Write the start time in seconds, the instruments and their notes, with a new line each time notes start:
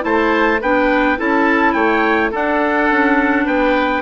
0.00 bassoon A3, clarinet E4, oboe C5, trumpet A5
0.61 bassoon B3, clarinet D4, oboe B4, trumpet G5
1.17 bassoon C#4, clarinet E4, oboe A4, trumpet A5
1.73 bassoon A3, oboe C#5, trumpet G5
2.31 clarinet D4, bassoon D4, oboe A4, trumpet F#5
2.90 bassoon C#4
3.45 bassoon B3, oboe B4, trumpet G5